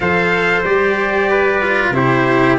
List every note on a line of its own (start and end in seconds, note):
0.00 0.62 F3
0.00 0.64 A4
0.00 1.30 C5
0.00 0.64 F5
0.63 1.90 G3
0.63 1.61 G4
0.63 1.93 D5
1.30 1.94 B4
1.61 1.94 F4
1.90 2.55 C3
1.90 2.58 E4
1.90 2.59 G4
1.90 2.58 C5